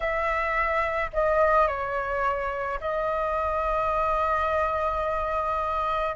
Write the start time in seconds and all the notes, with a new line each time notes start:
0.00 E5
1.13 D#5
1.67 C#5
2.80 D#5